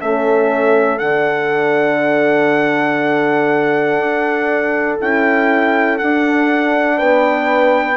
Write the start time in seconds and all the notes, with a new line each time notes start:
0.00 A3 C#4 A4 E5
0.99 D3 D4 F#5
3.99 D4
5.00 C#4 E4 G5
5.98 D4 F#5
6.97 B3 B4 G5